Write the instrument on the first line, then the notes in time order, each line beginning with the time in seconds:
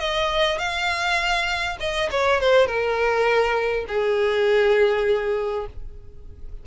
violin
0.00 D#5
0.59 F5
1.80 D#5
2.11 C#5
2.41 C5
2.67 A#4
3.88 G#4